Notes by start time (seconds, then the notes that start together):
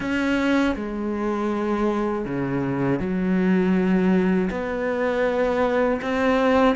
0.00 C#4
0.75 G#3
2.25 C#3
2.99 F#3
4.50 B3
6.01 C4